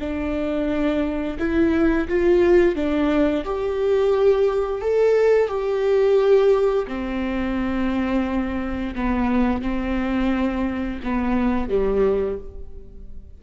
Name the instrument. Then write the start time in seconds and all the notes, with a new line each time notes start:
viola
0.00 D4
1.39 E4
2.08 F4
2.75 D4
3.45 G4
4.82 A4
5.48 G4
6.88 C4
8.95 B3
9.62 C4
11.03 B3
11.69 G3